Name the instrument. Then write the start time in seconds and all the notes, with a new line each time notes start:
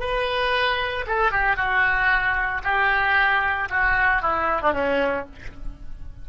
oboe
0.00 B4
1.07 A4
1.32 G4
1.57 F#4
2.64 G4
3.70 F#4
4.22 E4
4.62 D4
4.73 C#4